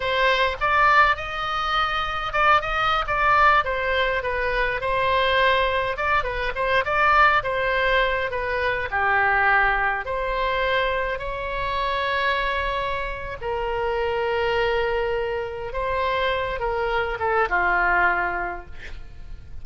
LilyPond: \new Staff \with { instrumentName = "oboe" } { \time 4/4 \tempo 4 = 103 c''4 d''4 dis''2 | d''8 dis''8. d''4 c''4 b'8.~ | b'16 c''2 d''8 b'8 c''8 d''16~ | d''8. c''4. b'4 g'8.~ |
g'4~ g'16 c''2 cis''8.~ | cis''2. ais'4~ | ais'2. c''4~ | c''8 ais'4 a'8 f'2 | }